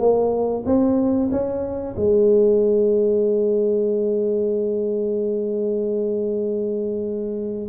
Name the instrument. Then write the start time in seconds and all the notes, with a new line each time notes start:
tuba
0.00 A#3
0.66 C4
1.31 C#4
1.97 G#3